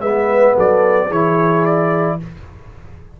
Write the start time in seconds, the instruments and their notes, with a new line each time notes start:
0.00 tuba G#3, trombone B3, horn B4, trumpet E5
0.55 tuba F#3, horn A4, trumpet D5
1.07 tuba E3, trombone E4, horn G#4, trumpet C#5
1.65 trumpet D5